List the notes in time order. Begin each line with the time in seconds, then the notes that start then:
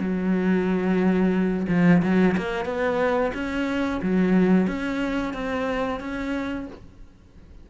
0.00 F#3
1.69 F3
2.03 F#3
2.38 A#3
2.66 B3
3.35 C#4
4.03 F#3
4.68 C#4
5.34 C4
6.01 C#4